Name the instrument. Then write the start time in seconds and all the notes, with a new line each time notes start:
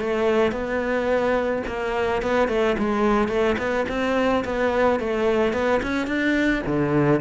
cello
0.00 A3
0.52 B3
1.67 A#3
2.22 B3
2.48 A3
2.79 G#3
3.29 A3
3.58 B3
3.89 C4
4.45 B3
5.00 A3
5.53 B3
5.83 C#4
6.07 D4
6.67 D3